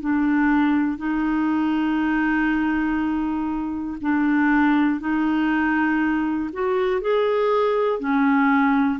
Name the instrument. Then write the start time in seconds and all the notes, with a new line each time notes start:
clarinet
0.00 D4
0.97 D#4
4.00 D4
5.00 D#4
6.53 F#4
7.00 G#4
7.99 C#4